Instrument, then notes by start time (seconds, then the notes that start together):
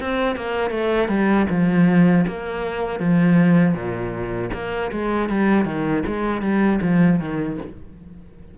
cello
0.00 C4
0.36 A#3
0.70 A3
1.08 G3
1.49 F3
2.27 A#3
3.00 F3
3.74 A#2
4.53 A#3
4.92 G#3
5.29 G3
5.65 D#3
6.06 G#3
6.41 G3
6.81 F3
7.19 D#3